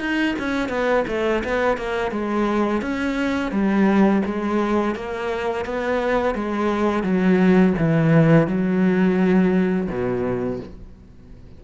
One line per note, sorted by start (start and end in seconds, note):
0.00 0.35 D#4
0.39 0.69 C#4
0.69 1.05 B3
1.08 1.43 A3
1.44 1.77 B3
1.77 2.11 A#3
2.11 2.82 G#3
2.82 3.52 C#4
3.52 4.22 G3
4.25 4.95 G#3
4.95 5.65 A#3
5.65 6.35 B3
6.35 7.03 G#3
7.03 7.74 F#3
7.78 8.47 E3
8.47 9.89 F#3
9.89 10.60 B2